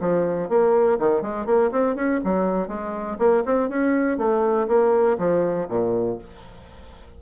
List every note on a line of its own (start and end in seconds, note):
0.00 0.49 F3
0.49 0.98 A#3
0.99 1.22 D#3
1.22 1.46 G#3
1.46 1.70 A#3
1.72 1.95 C4
1.95 2.20 C#4
2.24 2.68 F#3
2.68 3.17 G#3
3.18 3.43 A#3
3.45 3.69 C4
3.69 4.17 C#4
4.17 4.67 A3
4.68 5.17 A#3
5.18 5.68 F3
5.68 6.18 A#2